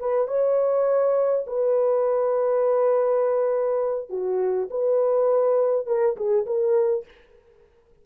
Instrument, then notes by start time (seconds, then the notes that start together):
horn
0.00 B4
0.28 C#5
1.47 B4
4.10 F#4
4.71 B4
5.87 A#4
6.17 G#4
6.46 A#4